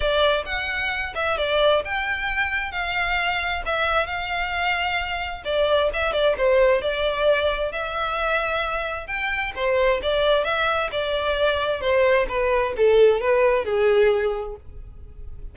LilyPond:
\new Staff \with { instrumentName = "violin" } { \time 4/4 \tempo 4 = 132 d''4 fis''4. e''8 d''4 | g''2 f''2 | e''4 f''2. | d''4 e''8 d''8 c''4 d''4~ |
d''4 e''2. | g''4 c''4 d''4 e''4 | d''2 c''4 b'4 | a'4 b'4 gis'2 | }